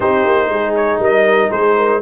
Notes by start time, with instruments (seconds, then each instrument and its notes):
0.00 tuba C4, trombone D#4, horn G4, trumpet C5
0.25 tuba A#3
0.48 tuba G#3, horn G#4
0.75 trumpet C#5
0.99 tuba G3, horn A#4, trumpet D#5
1.50 tuba G#3, horn G#4, trumpet C5
1.76 horn A#4